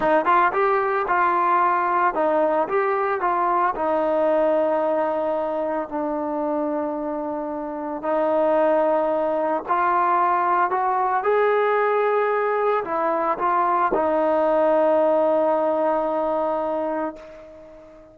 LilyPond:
\new Staff \with { instrumentName = "trombone" } { \time 4/4 \tempo 4 = 112 dis'8 f'8 g'4 f'2 | dis'4 g'4 f'4 dis'4~ | dis'2. d'4~ | d'2. dis'4~ |
dis'2 f'2 | fis'4 gis'2. | e'4 f'4 dis'2~ | dis'1 | }